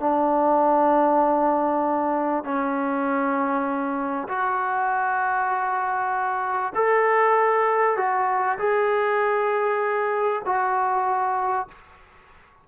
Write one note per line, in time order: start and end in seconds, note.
0.00 2.45 D4
2.45 4.28 C#4
4.29 6.73 F#4
6.75 7.97 A4
7.97 8.59 F#4
8.59 10.42 G#4
10.46 11.68 F#4